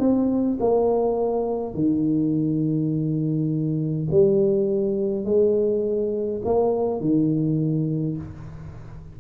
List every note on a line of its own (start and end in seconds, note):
0.00 0.58 C4
0.61 1.75 A#3
1.75 4.08 D#3
4.11 5.25 G3
5.25 6.42 G#3
6.45 7.01 A#3
7.01 8.17 D#3